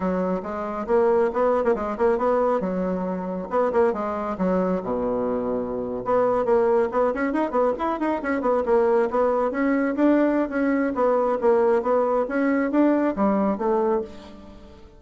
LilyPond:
\new Staff \with { instrumentName = "bassoon" } { \time 4/4 \tempo 4 = 137 fis4 gis4 ais4 b8. ais16 | gis8 ais8 b4 fis2 | b8 ais8 gis4 fis4 b,4~ | b,4.~ b,16 b4 ais4 b16~ |
b16 cis'8 dis'8 b8 e'8 dis'8 cis'8 b8 ais16~ | ais8. b4 cis'4 d'4~ d'16 | cis'4 b4 ais4 b4 | cis'4 d'4 g4 a4 | }